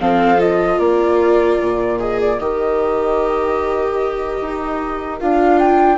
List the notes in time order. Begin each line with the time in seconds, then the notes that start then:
0.00 F3 C4 A4 F5
0.38 F4 D#5
0.79 A#3 A#4 D5
1.60 A#2
2.00 G#4 D#5
2.20 D5
2.40 D#3 G4 D#5
4.41 D#4
5.20 D4 F4 F5
5.58 G5